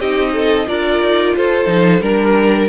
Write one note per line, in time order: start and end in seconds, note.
0.00 0.68 C4
0.00 0.68 D#4
0.00 0.33 G4
0.00 0.68 D#5
0.33 0.67 A4
0.68 1.02 D4
0.68 1.67 F4
0.68 1.36 A#4
0.68 1.36 D5
1.02 1.36 D#4
1.36 1.67 F4
1.36 2.03 A4
1.36 2.02 C5
1.67 2.01 F3
1.67 2.01 D#4
2.01 2.68 G3
2.01 2.69 D4
2.01 2.69 A#4